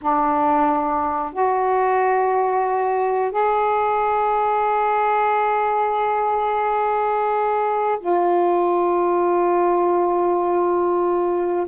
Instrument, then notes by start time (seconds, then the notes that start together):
saxophone
0.01 D4
1.32 F#4
3.32 G#4
8.00 F4